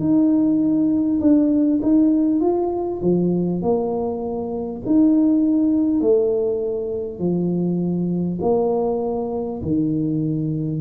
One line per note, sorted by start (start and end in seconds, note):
0.00 1.20 D#4
1.21 1.81 D4
1.83 2.41 D#4
2.41 3.01 F4
3.02 3.62 F3
3.62 4.82 A#3
4.86 6.01 D#4
6.01 7.19 A3
7.19 8.39 F3
8.42 9.62 A#3
9.63 10.81 D#3